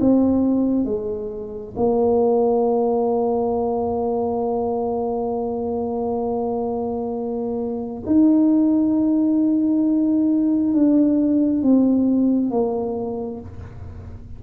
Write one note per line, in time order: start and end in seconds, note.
0.00 0.85 C4
0.85 1.75 G#3
1.76 8.03 A#3
8.06 10.74 D#4
10.74 11.62 D4
11.62 12.50 C4
12.50 13.40 A#3